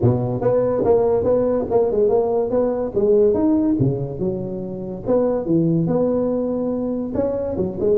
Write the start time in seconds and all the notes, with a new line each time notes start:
0.01 B2
0.41 B3
0.84 A#3
1.23 B3
1.70 A#3
1.91 G#3
2.08 A#3
2.50 B3
2.94 G#3
3.34 D#4
3.79 C#3
4.19 F#3
5.07 B3
5.45 E3
5.86 B3
7.14 C#4
7.57 F#3
7.79 G#3